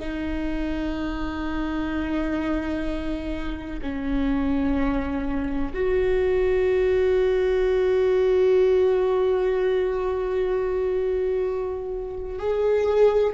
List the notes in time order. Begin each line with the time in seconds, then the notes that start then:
0.00 D#4
3.83 C#4
5.74 F#4
12.39 G#4